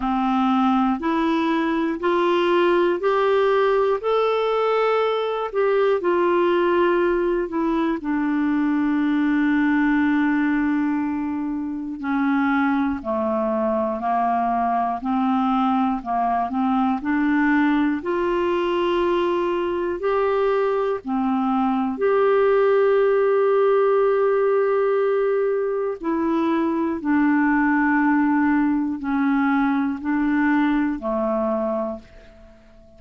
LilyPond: \new Staff \with { instrumentName = "clarinet" } { \time 4/4 \tempo 4 = 60 c'4 e'4 f'4 g'4 | a'4. g'8 f'4. e'8 | d'1 | cis'4 a4 ais4 c'4 |
ais8 c'8 d'4 f'2 | g'4 c'4 g'2~ | g'2 e'4 d'4~ | d'4 cis'4 d'4 a4 | }